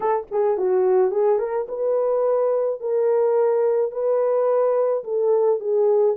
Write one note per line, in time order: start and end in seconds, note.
0.00 0.27 A4
0.31 0.57 G#4
0.57 1.11 F#4
1.11 1.38 G#4
1.38 1.66 A#4
1.68 2.80 B4
2.80 3.91 A#4
3.91 5.03 B4
5.04 5.59 A4
5.59 6.16 G#4